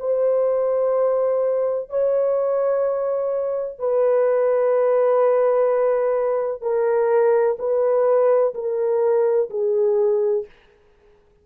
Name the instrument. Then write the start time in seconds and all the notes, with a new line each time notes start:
horn
0.00 C5
1.90 C#5
3.79 B4
6.62 A#4
7.59 B4
8.55 A#4
9.51 G#4